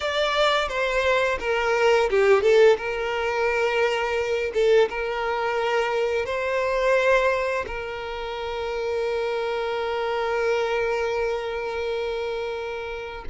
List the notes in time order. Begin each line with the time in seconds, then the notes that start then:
0.00 D5
0.68 C5
1.40 A#4
2.09 G4
2.42 A4
2.77 A#4
4.53 A4
4.89 A#4
6.25 C5
7.66 A#4